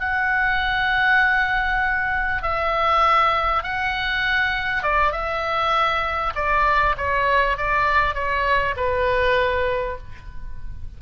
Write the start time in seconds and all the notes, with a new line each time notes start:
0.00 F#5
2.43 E5
3.63 F#5
4.83 D5
5.12 E5
6.35 D5
6.98 C#5
7.57 D5
8.15 C#5
8.77 B4